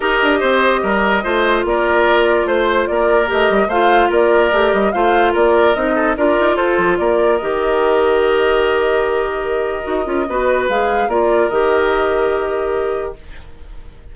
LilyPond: <<
  \new Staff \with { instrumentName = "flute" } { \time 4/4 \tempo 4 = 146 dis''1 | d''2 c''4 d''4 | dis''4 f''4 d''4. dis''8 | f''4 d''4 dis''4 d''4 |
c''4 d''4 dis''2~ | dis''1~ | dis''2 f''4 d''4 | dis''1 | }
  \new Staff \with { instrumentName = "oboe" } { \time 4/4 ais'4 c''4 ais'4 c''4 | ais'2 c''4 ais'4~ | ais'4 c''4 ais'2 | c''4 ais'4. a'8 ais'4 |
a'4 ais'2.~ | ais'1~ | ais'4 b'2 ais'4~ | ais'1 | }
  \new Staff \with { instrumentName = "clarinet" } { \time 4/4 g'2. f'4~ | f'1 | g'4 f'2 g'4 | f'2 dis'4 f'4~ |
f'2 g'2~ | g'1 | fis'8 f'8 fis'4 gis'4 f'4 | g'1 | }
  \new Staff \with { instrumentName = "bassoon" } { \time 4/4 dis'8 d'8 c'4 g4 a4 | ais2 a4 ais4 | a8 g8 a4 ais4 a8 g8 | a4 ais4 c'4 d'8 dis'8 |
f'8 f8 ais4 dis2~ | dis1 | dis'8 cis'8 b4 gis4 ais4 | dis1 | }
>>